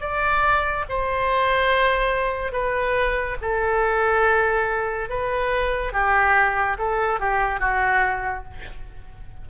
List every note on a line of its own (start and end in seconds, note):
0.00 0.85 D5
0.89 2.52 C5
2.52 3.36 B4
3.41 5.09 A4
5.09 5.92 B4
5.92 6.77 G4
6.78 7.20 A4
7.20 7.59 G4
7.59 8.44 F#4